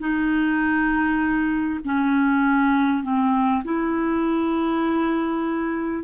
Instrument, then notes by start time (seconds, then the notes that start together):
clarinet
0.00 D#4
1.84 C#4
3.03 C4
3.64 E4